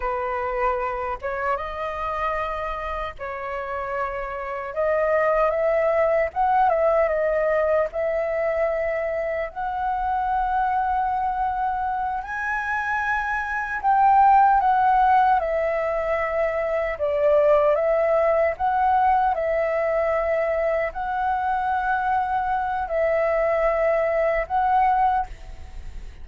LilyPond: \new Staff \with { instrumentName = "flute" } { \time 4/4 \tempo 4 = 76 b'4. cis''8 dis''2 | cis''2 dis''4 e''4 | fis''8 e''8 dis''4 e''2 | fis''2.~ fis''8 gis''8~ |
gis''4. g''4 fis''4 e''8~ | e''4. d''4 e''4 fis''8~ | fis''8 e''2 fis''4.~ | fis''4 e''2 fis''4 | }